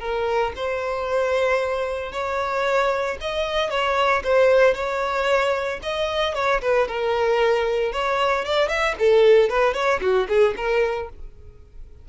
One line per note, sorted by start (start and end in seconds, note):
0.00 0.53 A#4
0.56 2.12 C5
2.12 3.17 C#5
3.21 3.70 D#5
3.70 4.23 C#5
4.24 4.74 C5
4.74 5.80 C#5
5.83 6.35 D#5
6.35 6.61 C#5
6.62 6.88 B4
6.88 7.92 A#4
7.92 8.45 C#5
8.45 8.69 D5
8.69 8.95 E5
8.99 9.50 A4
9.50 9.74 B4
9.74 10.00 C#5
10.01 10.27 F#4
10.28 10.55 G#4
10.56 11.09 A#4